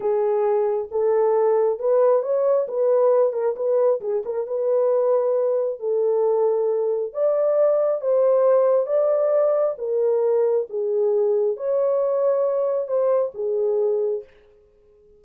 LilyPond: \new Staff \with { instrumentName = "horn" } { \time 4/4 \tempo 4 = 135 gis'2 a'2 | b'4 cis''4 b'4. ais'8 | b'4 gis'8 ais'8 b'2~ | b'4 a'2. |
d''2 c''2 | d''2 ais'2 | gis'2 cis''2~ | cis''4 c''4 gis'2 | }